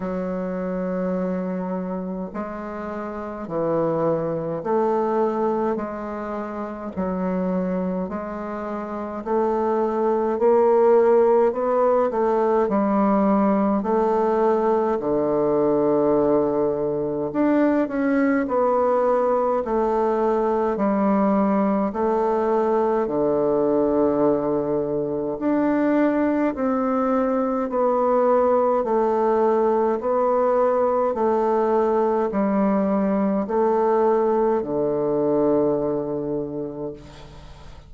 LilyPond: \new Staff \with { instrumentName = "bassoon" } { \time 4/4 \tempo 4 = 52 fis2 gis4 e4 | a4 gis4 fis4 gis4 | a4 ais4 b8 a8 g4 | a4 d2 d'8 cis'8 |
b4 a4 g4 a4 | d2 d'4 c'4 | b4 a4 b4 a4 | g4 a4 d2 | }